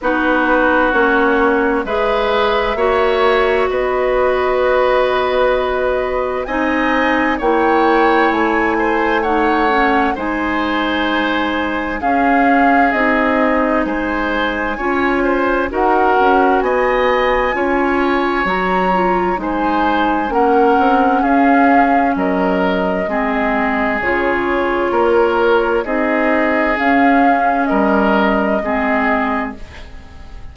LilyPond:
<<
  \new Staff \with { instrumentName = "flute" } { \time 4/4 \tempo 4 = 65 b'4 cis''4 e''2 | dis''2. gis''4 | g''4 gis''4 fis''4 gis''4~ | gis''4 f''4 dis''4 gis''4~ |
gis''4 fis''4 gis''2 | ais''4 gis''4 fis''4 f''4 | dis''2 cis''2 | dis''4 f''4 dis''2 | }
  \new Staff \with { instrumentName = "oboe" } { \time 4/4 fis'2 b'4 cis''4 | b'2. dis''4 | cis''4. c''8 cis''4 c''4~ | c''4 gis'2 c''4 |
cis''8 c''8 ais'4 dis''4 cis''4~ | cis''4 c''4 ais'4 gis'4 | ais'4 gis'2 ais'4 | gis'2 ais'4 gis'4 | }
  \new Staff \with { instrumentName = "clarinet" } { \time 4/4 dis'4 cis'4 gis'4 fis'4~ | fis'2. dis'4 | e'2 dis'8 cis'8 dis'4~ | dis'4 cis'4 dis'2 |
f'4 fis'2 f'4 | fis'8 f'8 dis'4 cis'2~ | cis'4 c'4 f'2 | dis'4 cis'2 c'4 | }
  \new Staff \with { instrumentName = "bassoon" } { \time 4/4 b4 ais4 gis4 ais4 | b2. c'4 | ais4 a2 gis4~ | gis4 cis'4 c'4 gis4 |
cis'4 dis'8 cis'8 b4 cis'4 | fis4 gis4 ais8 c'8 cis'4 | fis4 gis4 cis4 ais4 | c'4 cis'4 g4 gis4 | }
>>